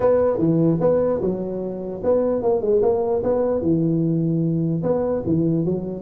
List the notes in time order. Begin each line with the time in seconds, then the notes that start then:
0.00 B3
0.37 E3
0.80 B3
1.21 F#3
2.03 B3
2.42 A#3
2.61 G#3
2.82 A#3
3.23 B3
3.61 E3
4.82 B3
5.26 E3
5.65 F#3